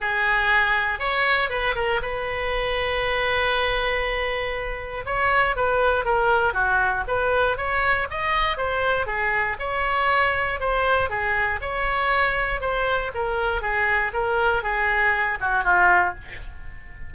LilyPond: \new Staff \with { instrumentName = "oboe" } { \time 4/4 \tempo 4 = 119 gis'2 cis''4 b'8 ais'8 | b'1~ | b'2 cis''4 b'4 | ais'4 fis'4 b'4 cis''4 |
dis''4 c''4 gis'4 cis''4~ | cis''4 c''4 gis'4 cis''4~ | cis''4 c''4 ais'4 gis'4 | ais'4 gis'4. fis'8 f'4 | }